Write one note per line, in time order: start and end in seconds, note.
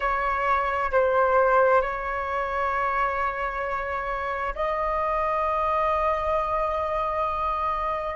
0.00 0.91 C#5
0.91 1.81 C5
1.81 4.54 C#5
4.55 8.16 D#5